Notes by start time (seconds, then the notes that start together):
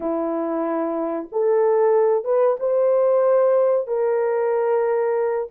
0.00 E4
1.32 A4
2.24 B4
2.59 C5
3.87 A#4